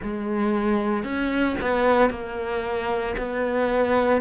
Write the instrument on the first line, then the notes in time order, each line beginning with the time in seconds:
cello
0.02 G#3
1.03 C#4
1.61 B3
2.10 A#3
3.17 B3